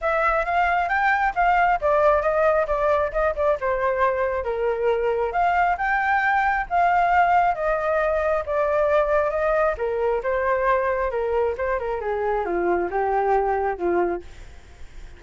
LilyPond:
\new Staff \with { instrumentName = "flute" } { \time 4/4 \tempo 4 = 135 e''4 f''4 g''4 f''4 | d''4 dis''4 d''4 dis''8 d''8 | c''2 ais'2 | f''4 g''2 f''4~ |
f''4 dis''2 d''4~ | d''4 dis''4 ais'4 c''4~ | c''4 ais'4 c''8 ais'8 gis'4 | f'4 g'2 f'4 | }